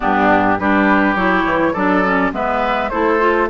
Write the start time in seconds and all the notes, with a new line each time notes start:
0.00 G2 B3 D4 G4
0.59 G3 D4 G4 B4
1.15 F#3 E4 C#5
1.45 E3
1.72 F#3 D4 A4 D5
2.04 C#4
2.32 G#3 B3 B4 E5
2.89 A3 E4 A4 C5
3.19 F4